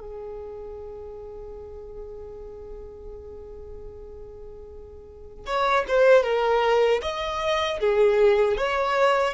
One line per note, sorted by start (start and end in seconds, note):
0.00 5.45 G#4
5.46 5.85 C#5
5.88 6.23 C5
6.23 7.01 A#4
7.02 7.80 D#5
7.80 8.57 G#4
8.57 9.34 C#5